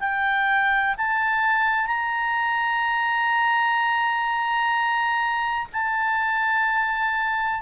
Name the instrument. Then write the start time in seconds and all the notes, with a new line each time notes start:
clarinet
0.00 G5
0.98 A5
1.87 A#5
5.73 A5